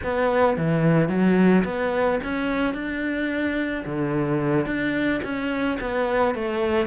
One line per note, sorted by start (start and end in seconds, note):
0.03 0.57 B3
0.57 1.08 E3
1.08 1.63 F#3
1.64 2.19 B3
2.23 2.73 C#4
2.73 3.84 D4
3.85 4.66 D3
4.66 5.21 D4
5.23 5.78 C#4
5.80 6.35 B3
6.35 6.87 A3